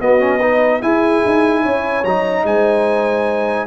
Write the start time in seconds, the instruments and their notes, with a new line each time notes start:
0.00 trombone B3, tuba B3, horn F#4, trumpet D#5
0.19 trombone C#4
0.40 trombone D#4, horn B4
0.82 trombone E4, tuba E4, horn G#4, trumpet G#5
1.26 tuba D#4
1.62 tuba C#4, horn C#5
2.04 tuba F#3, trombone D#4, trumpet A#5
2.44 tuba G#3, horn C5, trumpet G#5